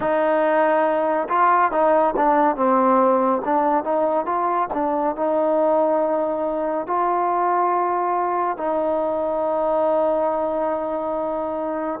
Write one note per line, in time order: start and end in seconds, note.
0.00 1.27 D#4
1.29 1.71 F4
1.71 2.14 D#4
2.16 2.56 D4
2.56 3.41 C4
3.44 3.84 D4
3.84 4.25 D#4
4.25 4.68 F4
4.73 5.15 D4
5.15 6.86 D#4
6.86 8.57 F4
8.57 12.00 D#4